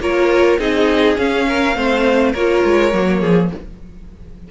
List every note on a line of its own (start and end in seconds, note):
0.00 0.58 A#3
0.00 0.59 F4
0.00 0.60 A#4
0.00 0.60 C#5
0.59 1.17 C4
0.59 1.17 D#4
0.59 1.47 G#4
0.59 1.18 D#5
1.17 1.75 C#4
1.17 1.76 C#4
1.17 2.34 F5
1.49 1.77 A#4
1.76 2.34 A3
1.76 2.34 C4
1.76 2.32 C5
2.32 2.64 A#3
2.32 2.93 F4
2.32 3.20 A#4
2.32 3.51 C#5
2.65 2.94 G#3
2.93 3.22 F#3
2.93 3.51 A#3
3.20 3.51 F3
3.20 3.49 G#4